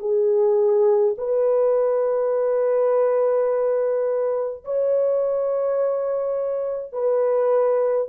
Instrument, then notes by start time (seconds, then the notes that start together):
horn
0.00 G#4
1.18 B4
4.65 C#5
6.93 B4